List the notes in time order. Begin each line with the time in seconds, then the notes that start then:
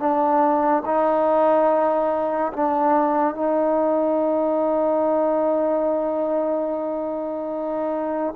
0.00 D4
0.86 D#4
2.54 D4
3.35 D#4